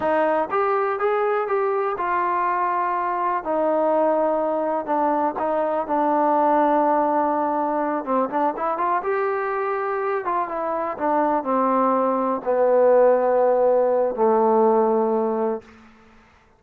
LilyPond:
\new Staff \with { instrumentName = "trombone" } { \time 4/4 \tempo 4 = 123 dis'4 g'4 gis'4 g'4 | f'2. dis'4~ | dis'2 d'4 dis'4 | d'1~ |
d'8 c'8 d'8 e'8 f'8 g'4.~ | g'4 f'8 e'4 d'4 c'8~ | c'4. b2~ b8~ | b4 a2. | }